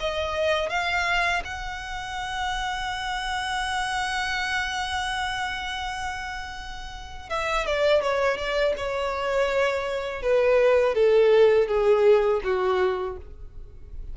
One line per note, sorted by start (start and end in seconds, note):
0.00 0.70 D#5
0.70 1.43 F5
1.45 7.30 F#5
7.30 7.66 E5
7.67 8.02 D5
8.02 8.37 C#5
8.37 8.74 D5
8.77 10.22 C#5
10.22 10.95 B4
10.95 11.68 A4
11.68 12.41 G#4
12.44 13.17 F#4